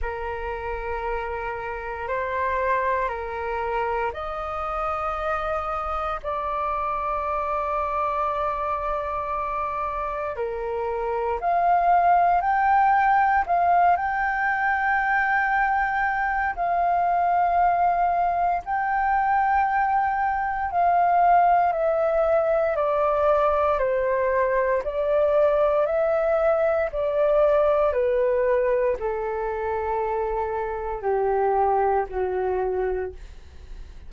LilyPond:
\new Staff \with { instrumentName = "flute" } { \time 4/4 \tempo 4 = 58 ais'2 c''4 ais'4 | dis''2 d''2~ | d''2 ais'4 f''4 | g''4 f''8 g''2~ g''8 |
f''2 g''2 | f''4 e''4 d''4 c''4 | d''4 e''4 d''4 b'4 | a'2 g'4 fis'4 | }